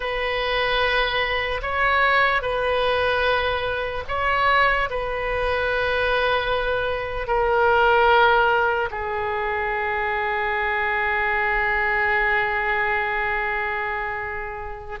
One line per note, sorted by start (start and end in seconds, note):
0.00 1.61 B4
1.61 2.41 C#5
2.41 4.04 B4
4.08 4.89 C#5
4.89 7.27 B4
7.27 8.89 A#4
8.90 14.99 G#4